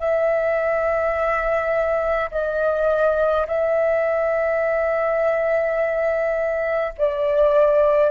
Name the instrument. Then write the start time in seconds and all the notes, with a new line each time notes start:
flute
0.00 E5
2.31 D#5
3.48 E5
6.99 D5